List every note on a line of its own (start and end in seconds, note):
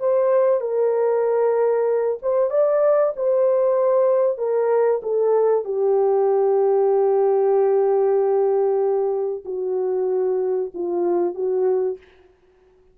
0.00 0.61 C5
0.61 2.18 A#4
2.22 2.50 C5
2.50 3.13 D5
3.16 4.38 C5
4.38 5.01 A#4
5.03 5.65 A4
5.65 9.44 G4
9.45 10.71 F#4
10.75 11.35 F4
11.35 11.98 F#4